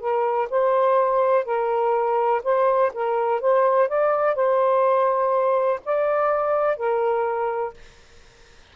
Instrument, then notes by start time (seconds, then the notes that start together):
saxophone
0.00 A#4
0.50 C5
1.45 A#4
2.44 C5
2.94 A#4
3.41 C5
3.89 D5
4.35 C5
5.85 D5
6.77 A#4